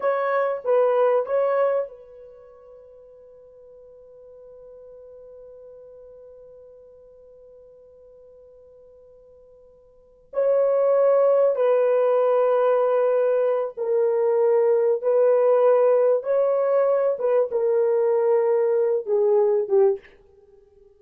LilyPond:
\new Staff \with { instrumentName = "horn" } { \time 4/4 \tempo 4 = 96 cis''4 b'4 cis''4 b'4~ | b'1~ | b'1~ | b'1~ |
b'8 cis''2 b'4.~ | b'2 ais'2 | b'2 cis''4. b'8 | ais'2~ ais'8 gis'4 g'8 | }